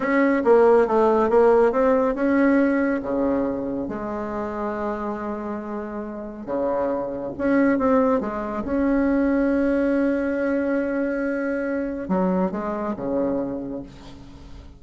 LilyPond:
\new Staff \with { instrumentName = "bassoon" } { \time 4/4 \tempo 4 = 139 cis'4 ais4 a4 ais4 | c'4 cis'2 cis4~ | cis4 gis2.~ | gis2. cis4~ |
cis4 cis'4 c'4 gis4 | cis'1~ | cis'1 | fis4 gis4 cis2 | }